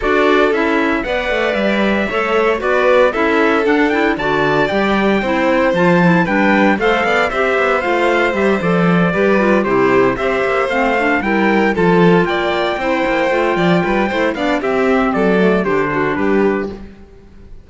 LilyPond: <<
  \new Staff \with { instrumentName = "trumpet" } { \time 4/4 \tempo 4 = 115 d''4 e''4 fis''4 e''4~ | e''4 d''4 e''4 fis''8 g''8 | a''4 g''2 a''4 | g''4 f''4 e''4 f''4 |
e''8 d''2 c''4 e''8~ | e''8 f''4 g''4 a''4 g''8~ | g''2.~ g''8 f''8 | e''4 d''4 c''4 b'4 | }
  \new Staff \with { instrumentName = "violin" } { \time 4/4 a'2 d''2 | cis''4 b'4 a'2 | d''2 c''2 | b'4 c''8 d''8 c''2~ |
c''4. b'4 g'4 c''8~ | c''4. ais'4 a'4 d''8~ | d''8 c''4. d''8 b'8 c''8 d''8 | g'4 a'4 g'8 fis'8 g'4 | }
  \new Staff \with { instrumentName = "clarinet" } { \time 4/4 fis'4 e'4 b'2 | a'4 fis'4 e'4 d'8 e'8 | fis'4 g'4 e'4 f'8 e'8 | d'4 a'4 g'4 f'4 |
g'8 a'4 g'8 f'8 e'4 g'8~ | g'8 c'8 d'8 e'4 f'4.~ | f'8 e'4 f'4. e'8 d'8 | c'4. a8 d'2 | }
  \new Staff \with { instrumentName = "cello" } { \time 4/4 d'4 cis'4 b8 a8 g4 | a4 b4 cis'4 d'4 | d4 g4 c'4 f4 | g4 a8 b8 c'8 b8 a4 |
g8 f4 g4 c4 c'8 | ais8 a4 g4 f4 ais8~ | ais8 c'8 ais8 a8 f8 g8 a8 b8 | c'4 fis4 d4 g4 | }
>>